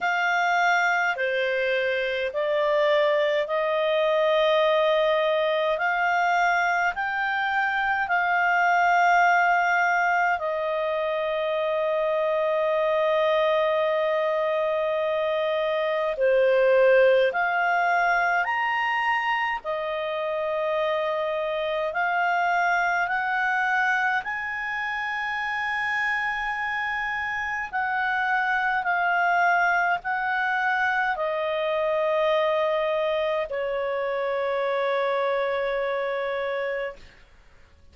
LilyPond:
\new Staff \with { instrumentName = "clarinet" } { \time 4/4 \tempo 4 = 52 f''4 c''4 d''4 dis''4~ | dis''4 f''4 g''4 f''4~ | f''4 dis''2.~ | dis''2 c''4 f''4 |
ais''4 dis''2 f''4 | fis''4 gis''2. | fis''4 f''4 fis''4 dis''4~ | dis''4 cis''2. | }